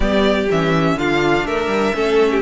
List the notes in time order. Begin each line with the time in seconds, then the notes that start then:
0.00 G3 B3 G4 D5
0.50 E3 C#4 E5
0.95 D3 D4 F4 F5
1.45 A3 A#4 E5
1.67 G3
1.94 A3 C#4 A4
2.31 G4